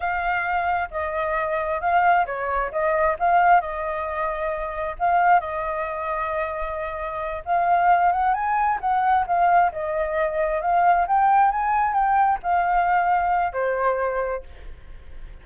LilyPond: \new Staff \with { instrumentName = "flute" } { \time 4/4 \tempo 4 = 133 f''2 dis''2 | f''4 cis''4 dis''4 f''4 | dis''2. f''4 | dis''1~ |
dis''8 f''4. fis''8 gis''4 fis''8~ | fis''8 f''4 dis''2 f''8~ | f''8 g''4 gis''4 g''4 f''8~ | f''2 c''2 | }